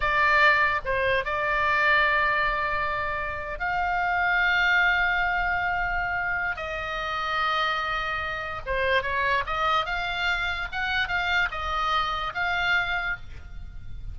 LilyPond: \new Staff \with { instrumentName = "oboe" } { \time 4/4 \tempo 4 = 146 d''2 c''4 d''4~ | d''1~ | d''8. f''2.~ f''16~ | f''1 |
dis''1~ | dis''4 c''4 cis''4 dis''4 | f''2 fis''4 f''4 | dis''2 f''2 | }